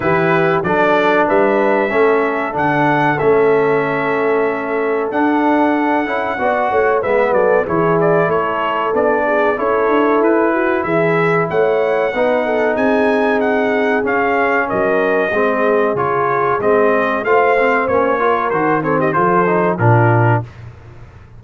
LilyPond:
<<
  \new Staff \with { instrumentName = "trumpet" } { \time 4/4 \tempo 4 = 94 b'4 d''4 e''2 | fis''4 e''2. | fis''2. e''8 d''8 | cis''8 d''8 cis''4 d''4 cis''4 |
b'4 e''4 fis''2 | gis''4 fis''4 f''4 dis''4~ | dis''4 cis''4 dis''4 f''4 | cis''4 c''8 cis''16 dis''16 c''4 ais'4 | }
  \new Staff \with { instrumentName = "horn" } { \time 4/4 g'4 a'4 b'4 a'4~ | a'1~ | a'2 d''8 cis''8 b'8 a'8 | gis'4 a'4. gis'8 a'4~ |
a'8 fis'8 gis'4 cis''4 b'8 a'8 | gis'2. ais'4 | gis'2. c''4~ | c''8 ais'4 a'16 g'16 a'4 f'4 | }
  \new Staff \with { instrumentName = "trombone" } { \time 4/4 e'4 d'2 cis'4 | d'4 cis'2. | d'4. e'8 fis'4 b4 | e'2 d'4 e'4~ |
e'2. dis'4~ | dis'2 cis'2 | c'4 f'4 c'4 f'8 c'8 | cis'8 f'8 fis'8 c'8 f'8 dis'8 d'4 | }
  \new Staff \with { instrumentName = "tuba" } { \time 4/4 e4 fis4 g4 a4 | d4 a2. | d'4. cis'8 b8 a8 gis8 fis8 | e4 a4 b4 cis'8 d'8 |
e'4 e4 a4 b4 | c'2 cis'4 fis4 | gis4 cis4 gis4 a4 | ais4 dis4 f4 ais,4 | }
>>